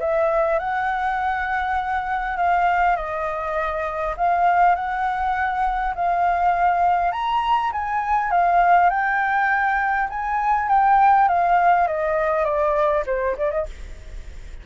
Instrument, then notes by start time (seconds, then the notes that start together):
flute
0.00 E5
0.59 F#5
2.37 F5
2.96 D#5
4.17 F5
4.75 F#5
5.95 F5
7.12 A#5
7.72 G#5
8.31 F5
8.90 G5
10.10 G#5
10.69 G5
11.28 F5
11.87 D#5
12.45 D5
13.06 C5
13.37 D5
13.51 D#5